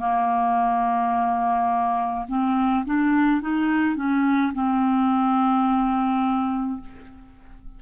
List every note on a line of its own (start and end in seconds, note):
0.00 2.26 A#3
2.28 2.85 C4
2.86 3.42 D4
3.42 3.96 D#4
3.96 4.53 C#4
4.54 6.80 C4